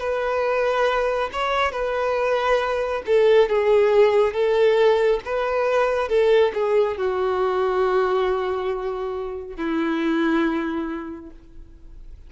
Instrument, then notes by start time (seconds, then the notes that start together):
violin
0.00 B4
1.33 C#5
1.72 B4
3.06 A4
3.49 G#4
4.34 A4
5.26 B4
6.09 A4
6.54 G#4
6.98 F#4
9.57 E4